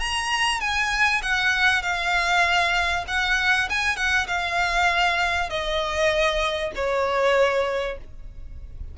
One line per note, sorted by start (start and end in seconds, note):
0.00 0.61 A#5
0.61 1.22 G#5
1.23 1.83 F#5
1.83 3.05 F5
3.08 3.69 F#5
3.70 3.97 G#5
3.97 4.27 F#5
4.28 5.50 F5
5.50 6.72 D#5
6.76 7.98 C#5